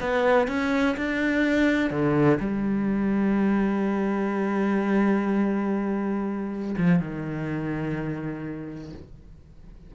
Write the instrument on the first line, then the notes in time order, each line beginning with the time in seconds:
cello
0.00 B3
0.47 C#4
0.97 D4
1.90 D3
2.40 G3
6.77 F3
6.99 D#3